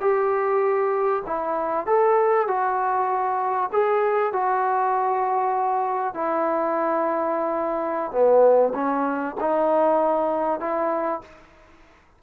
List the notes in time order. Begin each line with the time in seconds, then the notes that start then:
0.00 G4
1.26 E4
1.86 A4
2.47 F#4
3.72 G#4
4.32 F#4
6.14 E4
8.11 B3
8.74 C#4
9.40 D#4
10.60 E4